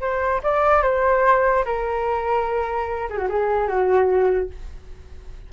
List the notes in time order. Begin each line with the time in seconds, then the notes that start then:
0.00 C5
0.43 D5
0.82 C5
1.65 A#4
3.10 G#4
3.17 F#4
3.29 G#4
3.67 F#4